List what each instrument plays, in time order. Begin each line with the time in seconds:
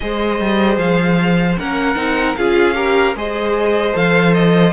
0.00 cello G#3, viola G#4, violin C5 D#5
0.39 cello G3
0.77 cello F3, violin F5
1.58 cello A#3, viola C#4, violin A#4 F#5
1.95 cello C4, viola D#4
2.35 cello C#4, viola F4, violin G#4 F5
2.74 viola G4, violin A#4
3.15 cello G#3, viola G#4, violin C5 D#5
3.93 cello F3, viola A4, violin F5
4.33 violin D#5